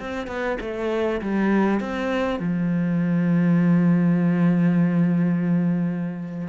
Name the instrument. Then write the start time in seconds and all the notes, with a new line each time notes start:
cello
0.00 C4
0.28 B3
0.61 A3
1.22 G3
1.81 C4
2.40 F3